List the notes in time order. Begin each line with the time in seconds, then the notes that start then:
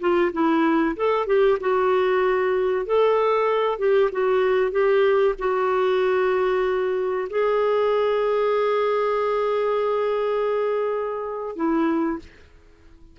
0.00 F4
0.32 E4
0.96 A4
1.26 G4
1.60 F#4
2.85 A4
3.78 G4
4.12 F#4
4.71 G4
5.38 F#4
7.29 G#4
11.55 E4